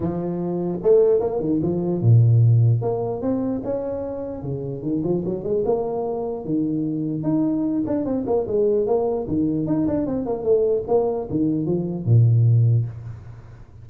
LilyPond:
\new Staff \with { instrumentName = "tuba" } { \time 4/4 \tempo 4 = 149 f2 a4 ais8 dis8 | f4 ais,2 ais4 | c'4 cis'2 cis4 | dis8 f8 fis8 gis8 ais2 |
dis2 dis'4. d'8 | c'8 ais8 gis4 ais4 dis4 | dis'8 d'8 c'8 ais8 a4 ais4 | dis4 f4 ais,2 | }